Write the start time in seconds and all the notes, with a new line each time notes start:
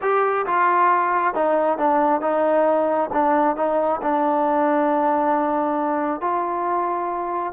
0.01 G4
0.46 F4
1.34 D#4
1.78 D4
2.21 D#4
3.13 D4
3.56 D#4
4.01 D4
6.20 F4